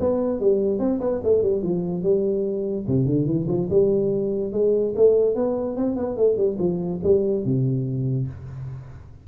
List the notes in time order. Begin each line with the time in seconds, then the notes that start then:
0.00 B3
0.40 G3
0.79 C4
1.00 B3
1.24 A3
1.43 G3
1.63 F3
2.03 G3
2.87 C3
3.06 D3
3.26 E3
3.48 F3
3.70 G3
4.53 G#3
4.96 A3
5.35 B3
5.76 C4
5.96 B3
6.17 A3
6.37 G3
6.59 F3
7.03 G3
7.45 C3